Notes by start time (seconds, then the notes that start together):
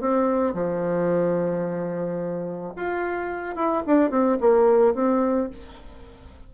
0.00 C4
0.54 F3
2.76 F4
3.56 E4
3.86 D4
4.10 C4
4.40 A#3
4.94 C4